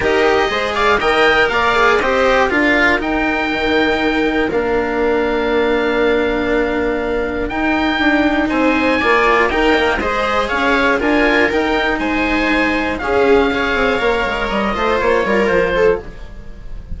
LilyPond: <<
  \new Staff \with { instrumentName = "oboe" } { \time 4/4 \tempo 4 = 120 dis''4. f''8 g''4 f''4 | dis''4 f''4 g''2~ | g''4 f''2.~ | f''2. g''4~ |
g''4 gis''2 g''4 | dis''4 f''4 gis''4 g''4 | gis''2 f''2~ | f''4 dis''4 cis''4 c''4 | }
  \new Staff \with { instrumentName = "viola" } { \time 4/4 ais'4 c''8 d''8 dis''4 d''4 | c''4 ais'2.~ | ais'1~ | ais'1~ |
ais'4 c''4 d''4 ais'4 | c''4 cis''4 ais'2 | c''2 gis'4 cis''4~ | cis''4. c''4 ais'4 a'8 | }
  \new Staff \with { instrumentName = "cello" } { \time 4/4 g'4 gis'4 ais'4. gis'8 | g'4 f'4 dis'2~ | dis'4 d'2.~ | d'2. dis'4~ |
dis'2 f'4 dis'8 ais8 | gis'2 f'4 dis'4~ | dis'2 cis'4 gis'4 | ais'4. f'2~ f'8 | }
  \new Staff \with { instrumentName = "bassoon" } { \time 4/4 dis'4 gis4 dis4 ais4 | c'4 d'4 dis'4 dis4~ | dis4 ais2.~ | ais2. dis'4 |
d'4 c'4 ais4 dis'4 | gis4 cis'4 d'4 dis'4 | gis2 cis'4. c'8 | ais8 gis8 g8 a8 ais8 g8 f4 | }
>>